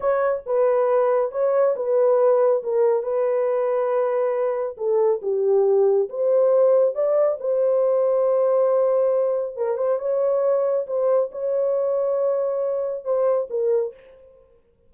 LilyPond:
\new Staff \with { instrumentName = "horn" } { \time 4/4 \tempo 4 = 138 cis''4 b'2 cis''4 | b'2 ais'4 b'4~ | b'2. a'4 | g'2 c''2 |
d''4 c''2.~ | c''2 ais'8 c''8 cis''4~ | cis''4 c''4 cis''2~ | cis''2 c''4 ais'4 | }